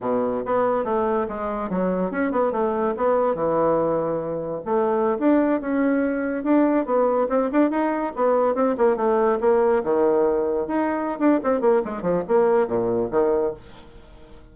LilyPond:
\new Staff \with { instrumentName = "bassoon" } { \time 4/4 \tempo 4 = 142 b,4 b4 a4 gis4 | fis4 cis'8 b8 a4 b4 | e2. a4~ | a16 d'4 cis'2 d'8.~ |
d'16 b4 c'8 d'8 dis'4 b8.~ | b16 c'8 ais8 a4 ais4 dis8.~ | dis4~ dis16 dis'4~ dis'16 d'8 c'8 ais8 | gis8 f8 ais4 ais,4 dis4 | }